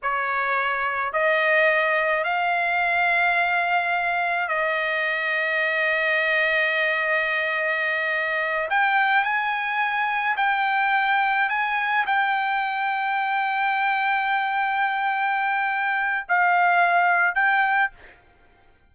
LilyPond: \new Staff \with { instrumentName = "trumpet" } { \time 4/4 \tempo 4 = 107 cis''2 dis''2 | f''1 | dis''1~ | dis''2.~ dis''8 g''8~ |
g''8 gis''2 g''4.~ | g''8 gis''4 g''2~ g''8~ | g''1~ | g''4 f''2 g''4 | }